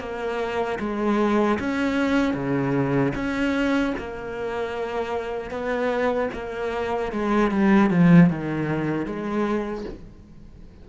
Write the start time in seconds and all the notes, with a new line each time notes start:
0.00 A#3
0.80 G#3
1.60 C#4
2.34 C#3
3.15 C#4
3.98 A#3
5.51 B3
6.33 A#3
7.12 G#3
7.51 G3
7.91 F3
8.30 D#3
9.06 G#3